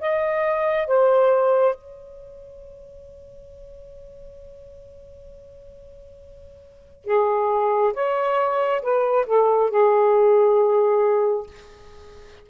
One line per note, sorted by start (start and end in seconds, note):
0.00 0.87 D#5
0.87 1.75 C5
1.75 7.05 C#5
7.05 7.93 G#4
7.93 8.82 C#5
8.82 9.26 B4
9.26 9.71 A4
9.71 11.47 G#4